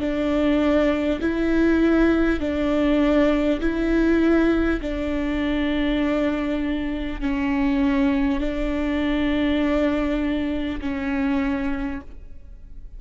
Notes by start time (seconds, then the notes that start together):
0.00 D4
1.21 E4
2.40 D4
3.61 E4
4.82 D4
7.21 C#4
8.41 D4
10.81 C#4